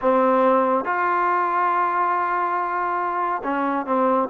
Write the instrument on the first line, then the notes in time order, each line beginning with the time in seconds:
trombone
0.01 C4
0.85 F4
3.43 C#4
3.86 C4